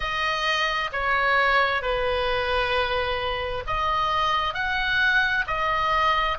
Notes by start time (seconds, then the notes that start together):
0.00 D#5
0.92 C#5
1.82 B4
3.66 D#5
4.53 F#5
5.47 D#5